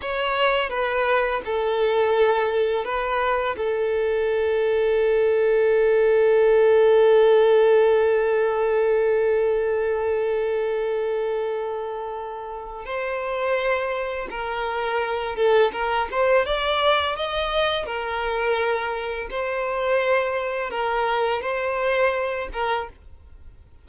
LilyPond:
\new Staff \with { instrumentName = "violin" } { \time 4/4 \tempo 4 = 84 cis''4 b'4 a'2 | b'4 a'2.~ | a'1~ | a'1~ |
a'2 c''2 | ais'4. a'8 ais'8 c''8 d''4 | dis''4 ais'2 c''4~ | c''4 ais'4 c''4. ais'8 | }